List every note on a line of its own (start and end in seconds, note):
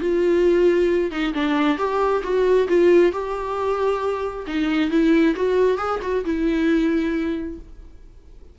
0.00 1.11 F4
1.11 1.33 D#4
1.33 1.78 D4
1.78 2.22 G4
2.23 2.67 F#4
2.68 3.12 F4
3.12 4.45 G4
4.47 4.90 D#4
4.90 5.35 E4
5.35 5.78 F#4
5.78 6.00 G#4
6.02 6.24 F#4
6.25 7.58 E4